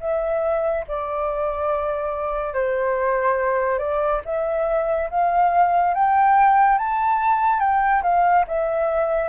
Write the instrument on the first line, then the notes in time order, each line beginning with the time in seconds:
flute
0.00 E5
0.88 D5
2.54 C5
3.79 D5
4.25 E5
5.10 F5
5.94 G5
6.78 A5
7.60 G5
8.03 F5
8.47 E5